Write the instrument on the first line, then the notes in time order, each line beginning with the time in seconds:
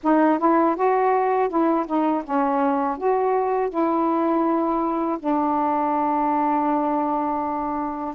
saxophone
0.03 D#4
0.39 E4
0.76 F#4
1.48 E4
1.86 D#4
2.24 C#4
2.97 F#4
3.69 E4
5.19 D4